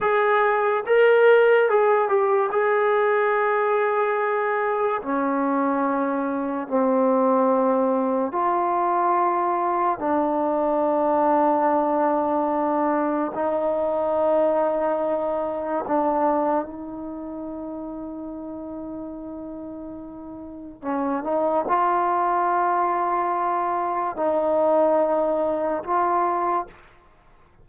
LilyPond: \new Staff \with { instrumentName = "trombone" } { \time 4/4 \tempo 4 = 72 gis'4 ais'4 gis'8 g'8 gis'4~ | gis'2 cis'2 | c'2 f'2 | d'1 |
dis'2. d'4 | dis'1~ | dis'4 cis'8 dis'8 f'2~ | f'4 dis'2 f'4 | }